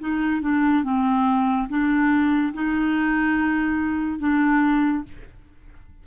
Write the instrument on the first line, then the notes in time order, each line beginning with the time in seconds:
clarinet
0.00 D#4
0.42 D4
0.84 C4
1.69 D4
2.54 D#4
4.19 D4